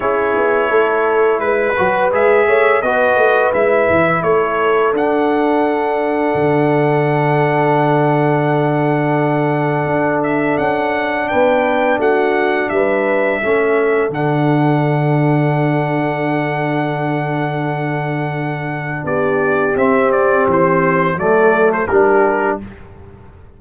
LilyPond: <<
  \new Staff \with { instrumentName = "trumpet" } { \time 4/4 \tempo 4 = 85 cis''2 b'4 e''4 | dis''4 e''4 cis''4 fis''4~ | fis''1~ | fis''2~ fis''8 e''8 fis''4 |
g''4 fis''4 e''2 | fis''1~ | fis''2. d''4 | e''8 d''8 c''4 d''8. c''16 ais'4 | }
  \new Staff \with { instrumentName = "horn" } { \time 4/4 gis'4 a'4 b'4. cis''8 | b'2 a'2~ | a'1~ | a'1 |
b'4 fis'4 b'4 a'4~ | a'1~ | a'2. g'4~ | g'2 a'4 g'4 | }
  \new Staff \with { instrumentName = "trombone" } { \time 4/4 e'2~ e'8 fis'8 gis'4 | fis'4 e'2 d'4~ | d'1~ | d'1~ |
d'2. cis'4 | d'1~ | d'1 | c'2 a4 d'4 | }
  \new Staff \with { instrumentName = "tuba" } { \time 4/4 cis'8 b8 a4 gis8 fis8 gis8 a8 | b8 a8 gis8 e8 a4 d'4~ | d'4 d2.~ | d2 d'4 cis'4 |
b4 a4 g4 a4 | d1~ | d2. b4 | c'4 e4 fis4 g4 | }
>>